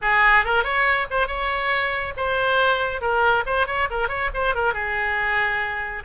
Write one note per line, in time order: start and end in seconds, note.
0.01 0.44 G#4
0.44 0.63 A#4
0.63 1.06 C#5
1.10 1.27 C5
1.27 2.13 C#5
2.16 3.01 C5
3.01 3.44 A#4
3.46 3.67 C5
3.67 3.88 C#5
3.90 4.08 A#4
4.08 4.29 C#5
4.34 4.55 C5
4.55 4.73 A#4
4.73 6.03 G#4